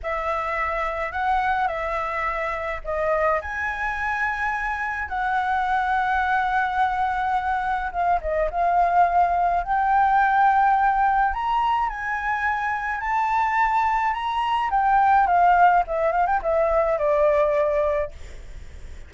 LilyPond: \new Staff \with { instrumentName = "flute" } { \time 4/4 \tempo 4 = 106 e''2 fis''4 e''4~ | e''4 dis''4 gis''2~ | gis''4 fis''2.~ | fis''2 f''8 dis''8 f''4~ |
f''4 g''2. | ais''4 gis''2 a''4~ | a''4 ais''4 g''4 f''4 | e''8 f''16 g''16 e''4 d''2 | }